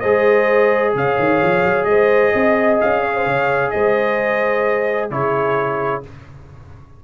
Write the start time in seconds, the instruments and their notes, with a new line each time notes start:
0.00 tuba G#3, trombone G#4, horn C5, trumpet D#5
0.95 tuba C#3, horn C#5, trumpet F5
1.19 tuba D#3
1.42 tuba F3
1.65 tuba F#3
1.85 tuba G#3, horn C5, trumpet D#5
2.33 tuba C4, horn D#5
2.81 tuba C#4, trumpet F5
3.02 horn C#5
3.16 horn C5
3.26 tuba C#3, horn C#5
3.70 tuba G#3, horn C5, trumpet D#5
5.11 tuba C#3, trombone E4, horn G#4, trumpet C#5